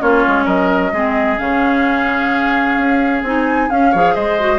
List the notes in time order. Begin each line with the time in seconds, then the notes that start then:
0.00 A#3 C#4 F4 C#5
0.27 G#3
0.45 F#3 A#4 D#5
0.92 G#3 C4 G#4
1.38 C#3 C#4 F5
2.77 C#4
3.23 C4 D#4 G#5
3.70 C#4 F5
3.91 F3 G#4 C#5
4.15 G#3 C5 D#5
4.40 F#4